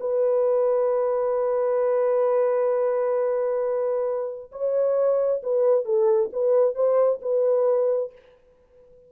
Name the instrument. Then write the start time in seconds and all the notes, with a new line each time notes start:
horn
0.00 B4
4.52 C#5
5.43 B4
5.85 A4
6.33 B4
6.75 C5
7.22 B4